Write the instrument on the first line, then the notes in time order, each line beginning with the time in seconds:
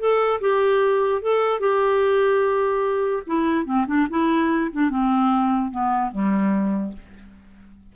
clarinet
0.00 A4
0.41 G4
1.22 A4
1.60 G4
3.27 E4
3.66 C4
3.88 D4
4.10 E4
4.72 D4
4.90 C4
5.71 B3
6.12 G3